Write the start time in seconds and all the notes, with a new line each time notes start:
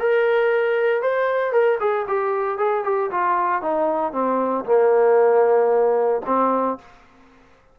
0.00 A#4
1.02 C5
1.53 A#4
1.80 G#4
2.08 G4
2.58 G#4
2.85 G4
3.11 F4
3.62 D#4
4.13 C4
4.66 A#3
6.26 C4